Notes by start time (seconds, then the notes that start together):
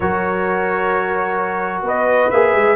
0.00 F#3 F#4 A#4 C#5
1.82 B3 B4 D#5
2.30 A#3 G#4 E5
2.54 G#3